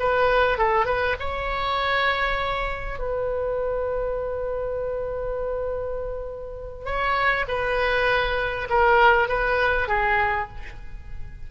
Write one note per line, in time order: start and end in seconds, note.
0.00 0.59 B4
0.59 0.86 A4
0.86 1.16 B4
1.20 2.99 C#5
2.99 6.86 B4
6.86 7.46 C#5
7.49 8.69 B4
8.70 9.29 A#4
9.29 9.89 B4
9.89 10.49 G#4